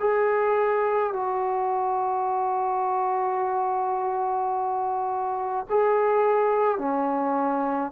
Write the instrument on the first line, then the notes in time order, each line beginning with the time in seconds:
trombone
0.00 G#4
1.13 F#4
5.70 G#4
6.79 C#4